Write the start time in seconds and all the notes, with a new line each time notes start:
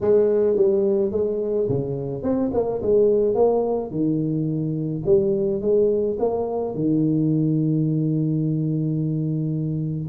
0.01 G#3
0.56 G3
1.11 G#3
1.68 C#3
2.23 C4
2.53 A#3
2.81 G#3
3.34 A#3
3.90 D#3
5.05 G3
5.61 G#3
6.19 A#3
6.74 D#3